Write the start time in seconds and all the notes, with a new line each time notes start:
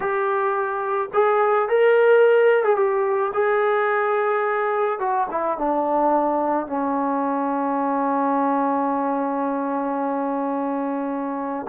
0.00 G4
1.13 G#4
1.68 A#4
2.64 G#4
2.76 G4
3.33 G#4
4.99 F#4
5.30 E4
5.58 D4
6.67 C#4